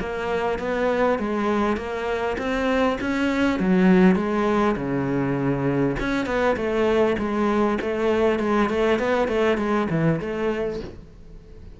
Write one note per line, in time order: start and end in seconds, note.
0.00 0.59 A#3
0.59 1.19 B3
1.19 1.77 G#3
1.77 2.37 A#3
2.38 2.98 C4
3.01 3.60 C#4
3.60 4.16 F#3
4.16 4.76 G#3
4.76 5.96 C#3
6.00 6.26 C#4
6.26 6.56 B3
6.56 7.16 A3
7.18 7.78 G#3
7.81 8.39 A3
8.39 8.69 G#3
8.70 8.99 A3
8.99 9.28 B3
9.28 9.58 A3
9.58 9.88 G#3
9.90 10.20 E3
10.20 10.80 A3